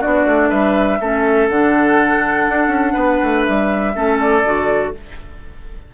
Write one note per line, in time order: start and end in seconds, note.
0.00 0.25 B3
0.00 0.99 D4
0.00 0.49 F#4
0.00 0.50 D5
0.25 0.50 A3
0.49 1.00 G3
0.49 0.98 B4
0.49 1.49 E5
1.00 1.49 A3
1.00 1.51 C#4
1.00 2.94 A4
1.49 2.48 D3
1.49 3.94 D4
1.49 3.45 F#5
2.49 2.67 D4
2.67 2.92 C#4
2.94 3.20 B3
2.94 3.92 B4
3.23 3.47 A3
3.45 3.95 G3
3.45 4.19 E5
3.94 4.44 A3
3.94 4.44 C#4
3.94 4.94 A4
4.20 4.94 D5
4.44 4.93 D3
4.44 4.94 F#4